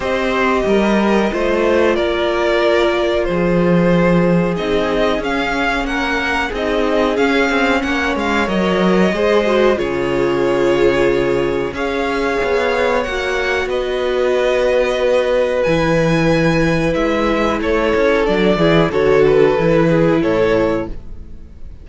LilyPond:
<<
  \new Staff \with { instrumentName = "violin" } { \time 4/4 \tempo 4 = 92 dis''2. d''4~ | d''4 c''2 dis''4 | f''4 fis''4 dis''4 f''4 | fis''8 f''8 dis''2 cis''4~ |
cis''2 f''2 | fis''4 dis''2. | gis''2 e''4 cis''4 | d''4 cis''8 b'4. cis''4 | }
  \new Staff \with { instrumentName = "violin" } { \time 4/4 c''4 ais'4 c''4 ais'4~ | ais'4 gis'2.~ | gis'4 ais'4 gis'2 | cis''2 c''4 gis'4~ |
gis'2 cis''2~ | cis''4 b'2.~ | b'2. a'4~ | a'8 gis'8 a'4. gis'8 a'4 | }
  \new Staff \with { instrumentName = "viola" } { \time 4/4 g'2 f'2~ | f'2. dis'4 | cis'2 dis'4 cis'4~ | cis'4 ais'4 gis'8 fis'8 f'4~ |
f'2 gis'2 | fis'1 | e'1 | d'8 e'8 fis'4 e'2 | }
  \new Staff \with { instrumentName = "cello" } { \time 4/4 c'4 g4 a4 ais4~ | ais4 f2 c'4 | cis'4 ais4 c'4 cis'8 c'8 | ais8 gis8 fis4 gis4 cis4~ |
cis2 cis'4 b4 | ais4 b2. | e2 gis4 a8 cis'8 | fis8 e8 d4 e4 a,4 | }
>>